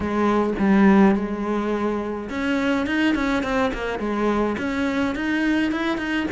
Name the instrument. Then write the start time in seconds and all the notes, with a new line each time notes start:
cello
0.00 G#3
0.58 G3
1.15 G#3
2.29 C#4
2.86 D#4
3.15 C#4
3.43 C4
3.73 A#3
3.99 G#3
4.58 C#4
5.15 D#4
5.71 E4
5.97 D#4